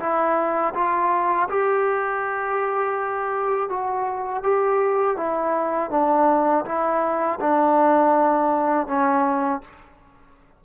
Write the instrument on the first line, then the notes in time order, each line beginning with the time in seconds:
trombone
0.00 E4
0.74 F4
1.49 G4
3.69 F#4
4.43 G4
5.17 E4
5.91 D4
6.65 E4
7.40 D4
8.87 C#4